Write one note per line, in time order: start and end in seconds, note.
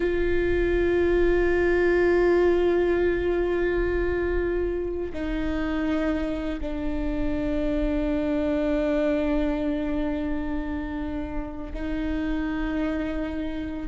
0.00 5.12 F4
5.13 6.59 D#4
6.61 11.73 D4
11.73 13.88 D#4